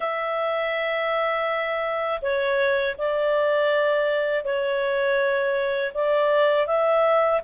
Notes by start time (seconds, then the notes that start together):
0.00 E5
2.21 C#5
2.98 D5
4.44 C#5
5.94 D5
6.66 E5